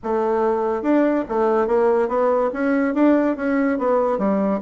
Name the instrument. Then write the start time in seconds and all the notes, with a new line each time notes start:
bassoon
0.03 A3
0.82 D4
1.29 A3
1.67 A#3
2.08 B3
2.53 C#4
2.94 D4
3.36 C#4
3.78 B3
4.18 G3